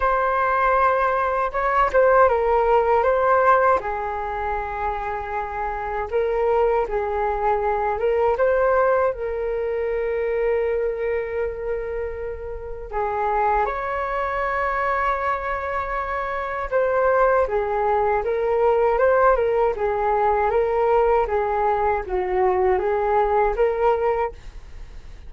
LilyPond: \new Staff \with { instrumentName = "flute" } { \time 4/4 \tempo 4 = 79 c''2 cis''8 c''8 ais'4 | c''4 gis'2. | ais'4 gis'4. ais'8 c''4 | ais'1~ |
ais'4 gis'4 cis''2~ | cis''2 c''4 gis'4 | ais'4 c''8 ais'8 gis'4 ais'4 | gis'4 fis'4 gis'4 ais'4 | }